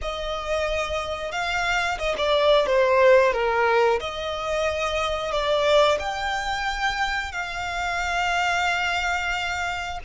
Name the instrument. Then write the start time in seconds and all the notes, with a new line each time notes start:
violin
0.01 D#5
1.31 F5
1.98 D#5
2.17 D5
2.66 C5
3.32 A#4
4.00 D#5
5.31 D5
5.98 G5
7.32 F5